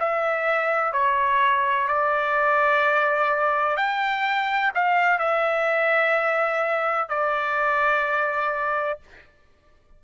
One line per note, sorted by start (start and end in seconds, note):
0.00 0.93 E5
0.93 1.88 C#5
1.88 3.77 D5
3.77 4.72 G5
4.75 5.19 F5
5.19 7.09 E5
7.09 9.00 D5